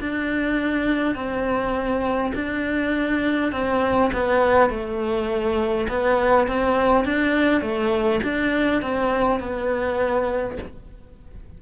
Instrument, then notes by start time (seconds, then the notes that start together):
cello
0.00 D4
1.15 C4
2.35 D4
3.52 C4
4.13 B3
4.70 A3
5.89 B3
6.48 C4
7.05 D4
7.61 A3
8.24 D4
8.82 C4
9.40 B3